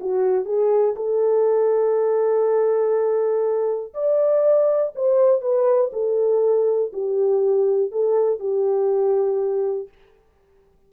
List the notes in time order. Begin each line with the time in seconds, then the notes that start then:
0.00 F#4
0.45 G#4
0.96 A4
3.94 D5
4.95 C5
5.41 B4
5.93 A4
6.92 G4
7.91 A4
8.39 G4